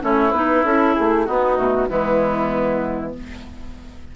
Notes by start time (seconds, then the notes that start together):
0.00 A3 C#4 E4 C#5
0.31 B3 D#4 B4
0.64 C#4 E4 A4
0.94 A3 G#4
1.25 B3 D#4 F#4
1.56 B2 A3
1.88 E3 G#3 B3 E4